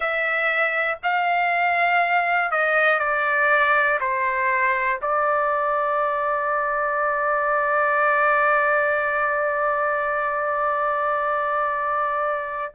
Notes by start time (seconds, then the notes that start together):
0.00 E5
1.03 F5
2.51 D#5
2.99 D5
4.00 C5
5.01 D5